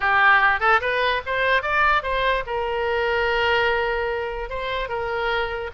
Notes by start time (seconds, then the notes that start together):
0.00 G4
0.60 A4
0.81 B4
1.25 C5
1.62 D5
2.03 C5
2.46 A#4
4.49 C5
4.88 A#4